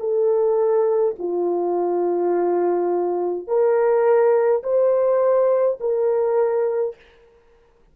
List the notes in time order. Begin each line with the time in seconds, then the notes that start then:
0.00 A4
1.19 F4
3.48 A#4
4.63 C5
5.81 A#4